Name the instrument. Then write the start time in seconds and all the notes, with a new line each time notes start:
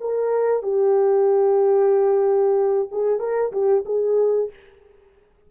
horn
0.00 A#4
0.63 G4
2.91 G#4
3.19 A#4
3.52 G4
3.85 G#4